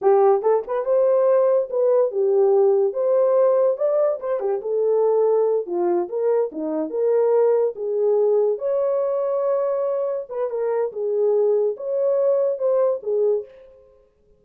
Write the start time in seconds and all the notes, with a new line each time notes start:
0.01 G4
0.42 A4
0.67 B4
0.85 C5
1.70 B4
2.11 G4
2.93 C5
3.77 D5
4.19 C5
4.39 G4
4.61 A4
5.66 F4
6.08 A#4
6.51 D#4
6.90 A#4
7.75 G#4
8.58 C#5
10.29 B4
10.50 A#4
10.92 G#4
11.76 C#5
12.58 C5
13.02 G#4